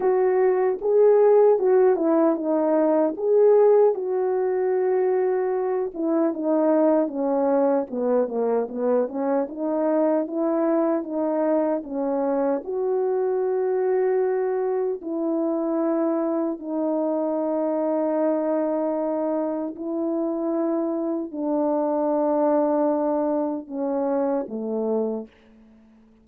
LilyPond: \new Staff \with { instrumentName = "horn" } { \time 4/4 \tempo 4 = 76 fis'4 gis'4 fis'8 e'8 dis'4 | gis'4 fis'2~ fis'8 e'8 | dis'4 cis'4 b8 ais8 b8 cis'8 | dis'4 e'4 dis'4 cis'4 |
fis'2. e'4~ | e'4 dis'2.~ | dis'4 e'2 d'4~ | d'2 cis'4 a4 | }